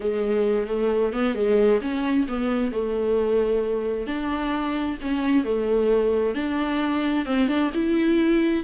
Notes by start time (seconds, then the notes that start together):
0.00 G#3
0.67 A3
1.12 B3
1.34 G#3
1.81 C#4
2.27 B3
2.71 A3
4.06 D4
5.01 C#4
5.44 A3
6.35 D4
7.25 C4
7.48 D4
7.74 E4